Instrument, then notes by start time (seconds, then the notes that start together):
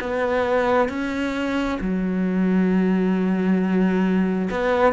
cello
0.00 B3
0.88 C#4
1.80 F#3
4.50 B3